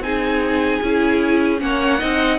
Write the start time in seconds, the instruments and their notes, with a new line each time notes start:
0.00 cello C4, viola D#4, violin G#4 G#5
0.83 cello C#4, viola E4
1.59 cello A#3, viola C#4, violin C#5 F#5
1.98 cello C4, viola D#4, violin D#5